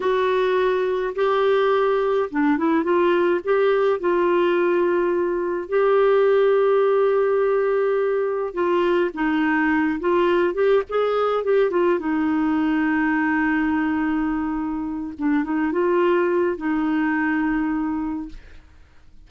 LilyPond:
\new Staff \with { instrumentName = "clarinet" } { \time 4/4 \tempo 4 = 105 fis'2 g'2 | d'8 e'8 f'4 g'4 f'4~ | f'2 g'2~ | g'2. f'4 |
dis'4. f'4 g'8 gis'4 | g'8 f'8 dis'2.~ | dis'2~ dis'8 d'8 dis'8 f'8~ | f'4 dis'2. | }